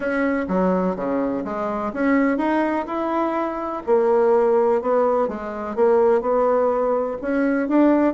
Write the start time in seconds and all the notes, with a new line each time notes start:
0.00 C#4
0.47 F#3
0.95 C#3
1.44 G#3
1.93 C#4
2.37 D#4
2.86 E4
3.86 A#3
4.81 B3
5.28 G#3
5.75 A#3
6.21 B3
7.21 C#4
7.68 D4